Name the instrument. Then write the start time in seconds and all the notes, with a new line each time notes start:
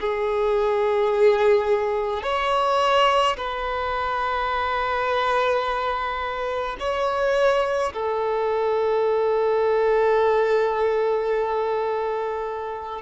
violin
0.00 G#4
2.23 C#5
3.37 B4
6.79 C#5
7.93 A4